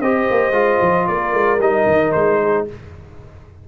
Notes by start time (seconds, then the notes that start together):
0.00 C4 G4 C5 D#5
0.30 A#3
0.50 G#3 F4
0.81 F3
1.07 A#3 A#4 D5
1.33 G#3
1.59 G3 D#4 D#5
1.87 D#3
2.12 G#3 C5
2.41 G#4